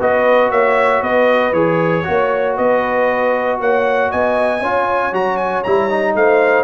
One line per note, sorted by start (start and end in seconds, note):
0.00 0.51 B3
0.00 1.54 F#4
0.00 0.51 B4
0.00 0.51 D#5
0.51 1.02 A#3
0.51 1.02 C#5
0.51 1.03 E5
1.02 1.52 B3
1.02 2.05 B4
1.02 1.53 D#5
1.52 2.04 E3
1.52 2.04 G#4
1.52 2.56 C#5
2.04 2.59 A#3
2.04 4.60 F#4
2.11 2.57 C#5
2.57 3.60 B3
2.57 3.60 B4
2.57 3.60 D#5
3.60 4.12 A#3
3.60 4.11 C#5
3.60 4.12 F#5
4.11 4.61 B3
4.11 4.60 D#5
4.11 5.14 G#5
4.60 5.12 C#4
4.60 5.13 F4
4.60 6.14 C#5
5.12 5.64 F#3
5.12 5.64 F#4
5.12 5.37 A#5
5.37 5.63 G#5
5.64 6.15 G3
5.64 5.90 E4
5.64 6.15 A#5
5.90 6.64 D#4
6.15 6.64 A3
6.15 6.64 C5
6.15 6.64 F5